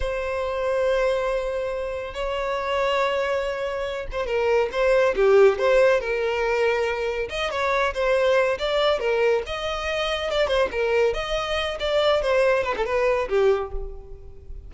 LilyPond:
\new Staff \with { instrumentName = "violin" } { \time 4/4 \tempo 4 = 140 c''1~ | c''4 cis''2.~ | cis''4. c''8 ais'4 c''4 | g'4 c''4 ais'2~ |
ais'4 dis''8 cis''4 c''4. | d''4 ais'4 dis''2 | d''8 c''8 ais'4 dis''4. d''8~ | d''8 c''4 b'16 a'16 b'4 g'4 | }